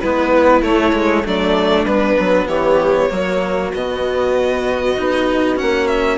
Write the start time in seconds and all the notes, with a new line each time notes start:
0.00 G#3 B3 E4 B4
0.61 A3 C#5
0.93 G#3
1.25 F#3 A3 D4 D5
1.84 G3 B3 B4
2.19 F#3
2.46 E3 G4 C#5
3.10 F#3 A#3 F#4
3.73 B2 B3 D#5
4.97 B3 D#4
5.56 A#3 C#4 F#5
5.87 E5